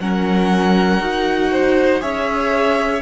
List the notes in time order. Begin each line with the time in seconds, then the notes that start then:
0.00 F#3 C#4 A#4 F#5
1.00 D#4 F#4
1.52 C5
2.01 C#4 G#4 C#5 E5